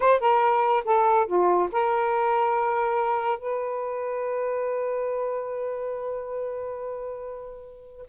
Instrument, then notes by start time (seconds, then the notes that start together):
saxophone
0.00 C5
0.19 A#4
0.85 A4
1.26 F4
1.72 A#4
3.38 B4